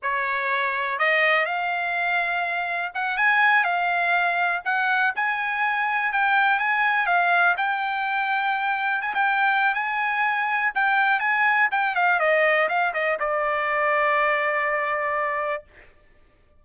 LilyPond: \new Staff \with { instrumentName = "trumpet" } { \time 4/4 \tempo 4 = 123 cis''2 dis''4 f''4~ | f''2 fis''8 gis''4 f''8~ | f''4. fis''4 gis''4.~ | gis''8 g''4 gis''4 f''4 g''8~ |
g''2~ g''8 gis''16 g''4~ g''16 | gis''2 g''4 gis''4 | g''8 f''8 dis''4 f''8 dis''8 d''4~ | d''1 | }